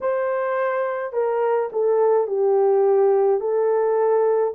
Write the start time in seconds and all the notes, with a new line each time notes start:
0.00 C5
1.13 A#4
1.72 A4
2.27 G4
3.40 A4